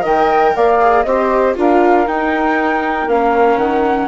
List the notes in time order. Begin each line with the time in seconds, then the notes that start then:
0.00 D#3 A#4 D#5 G5
0.55 A#3 D5 F5
0.80 G#4
1.03 C4 G4 C5 D#5
1.55 D4 F4 A#4 F5
2.07 D#4 G5
3.07 A#3 C#4 F5
3.57 D#3 F#5